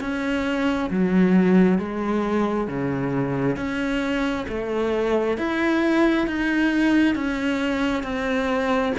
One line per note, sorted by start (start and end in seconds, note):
0.00 0.90 C#4
0.90 1.78 F#3
1.78 2.67 G#3
2.67 3.56 C#3
3.56 4.46 C#4
4.48 5.37 A3
5.37 6.27 E4
6.27 7.15 D#4
7.15 8.03 C#4
8.03 8.93 C4